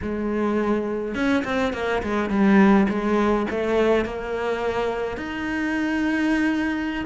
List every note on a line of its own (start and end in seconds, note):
0.02 1.14 G#3
1.14 1.43 C#4
1.44 1.73 C4
1.73 2.02 A#3
2.02 2.29 G#3
2.29 2.87 G3
2.88 3.46 G#3
3.50 4.05 A3
4.05 5.17 A#3
5.17 7.04 D#4